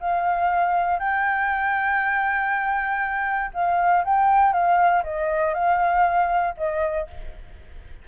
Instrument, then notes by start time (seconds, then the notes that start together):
flute
0.00 F5
0.99 G5
3.54 F5
4.05 G5
4.53 F5
5.04 D#5
5.54 F5
6.57 D#5